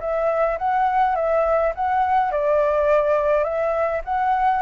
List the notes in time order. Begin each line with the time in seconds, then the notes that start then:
0.00 E5
0.58 F#5
1.15 E5
1.75 F#5
2.32 D5
3.44 E5
4.05 F#5